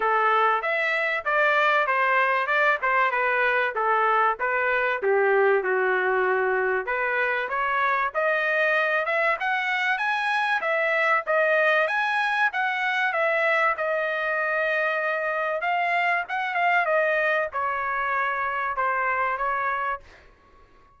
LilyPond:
\new Staff \with { instrumentName = "trumpet" } { \time 4/4 \tempo 4 = 96 a'4 e''4 d''4 c''4 | d''8 c''8 b'4 a'4 b'4 | g'4 fis'2 b'4 | cis''4 dis''4. e''8 fis''4 |
gis''4 e''4 dis''4 gis''4 | fis''4 e''4 dis''2~ | dis''4 f''4 fis''8 f''8 dis''4 | cis''2 c''4 cis''4 | }